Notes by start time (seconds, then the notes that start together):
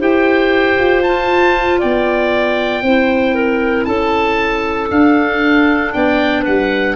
0.00 E4 G4 C5 G5
0.79 F4
1.03 F4 A5
1.80 B3 D5 G5
2.83 C4 E4 C5
3.35 A#4
3.85 C#4 A4 A5
4.91 D4 F5
5.93 B3 D5 G5
6.42 G3 B4 F#5